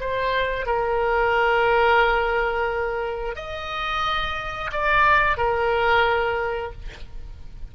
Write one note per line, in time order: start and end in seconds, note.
0.00 0.66 C5
0.66 3.36 A#4
3.36 4.70 D#5
4.72 5.37 D5
5.37 6.72 A#4